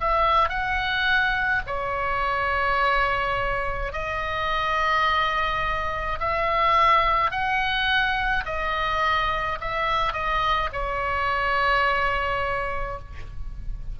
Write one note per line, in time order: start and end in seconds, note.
0.00 0.49 E5
0.49 1.62 F#5
1.66 3.92 C#5
3.92 6.19 D#5
6.20 7.31 E5
7.31 8.44 F#5
8.45 9.58 D#5
9.61 10.13 E5
10.13 10.69 D#5
10.72 12.99 C#5